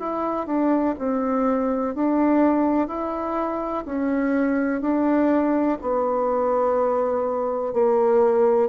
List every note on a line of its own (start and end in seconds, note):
0.00 0.47 E4
0.47 0.95 D4
0.99 1.95 C4
1.95 2.88 D4
2.88 3.85 E4
3.86 4.82 C#4
4.82 5.78 D4
5.82 7.74 B3
7.74 8.70 A#3